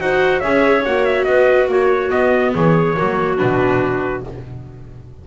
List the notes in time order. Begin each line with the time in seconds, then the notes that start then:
0.00 D#4 F#4 C5 F#5
0.40 C#4 G#4 C#5 E5
0.85 A#3 F#4 F#5
1.05 E5
1.24 B3 B4 D#5
1.68 A#3 F#4 C#5
2.10 B3 D#5
2.53 E3 G#4 C#5
2.97 F#3 A#3 F#4
3.38 B2 D4 B4